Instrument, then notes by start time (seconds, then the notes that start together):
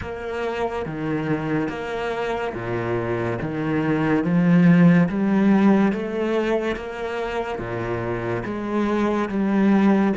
cello
0.01 A#3
0.85 D#3
1.68 A#3
2.54 A#2
3.41 D#3
4.23 F3
5.09 G3
5.92 A3
6.76 A#3
7.58 A#2
8.44 G#3
9.28 G3